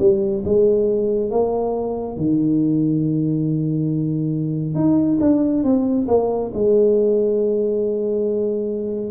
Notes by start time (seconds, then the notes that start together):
0.00 G3
0.45 G#3
1.30 A#3
2.17 D#3
4.75 D#4
5.21 D4
5.64 C4
6.08 A#3
6.54 G#3